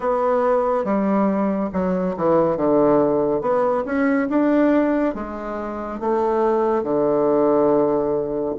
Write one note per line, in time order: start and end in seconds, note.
0.00 0.84 B3
0.84 1.69 G3
1.72 2.15 F#3
2.16 2.56 E3
2.56 3.41 D3
3.41 3.84 B3
3.85 4.28 C#4
4.29 5.14 D4
5.14 6.00 G#3
6.00 6.83 A3
6.83 8.54 D3